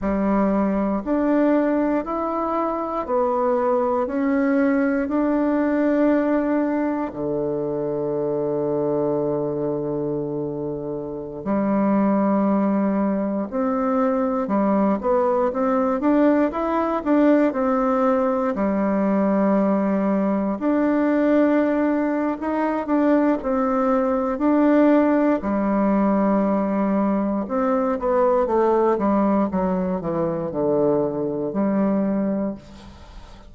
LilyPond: \new Staff \with { instrumentName = "bassoon" } { \time 4/4 \tempo 4 = 59 g4 d'4 e'4 b4 | cis'4 d'2 d4~ | d2.~ d16 g8.~ | g4~ g16 c'4 g8 b8 c'8 d'16~ |
d'16 e'8 d'8 c'4 g4.~ g16~ | g16 d'4.~ d'16 dis'8 d'8 c'4 | d'4 g2 c'8 b8 | a8 g8 fis8 e8 d4 g4 | }